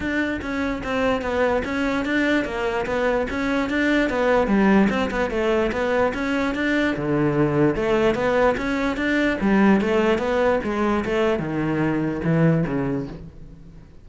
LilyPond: \new Staff \with { instrumentName = "cello" } { \time 4/4 \tempo 4 = 147 d'4 cis'4 c'4 b4 | cis'4 d'4 ais4 b4 | cis'4 d'4 b4 g4 | c'8 b8 a4 b4 cis'4 |
d'4 d2 a4 | b4 cis'4 d'4 g4 | a4 b4 gis4 a4 | dis2 e4 cis4 | }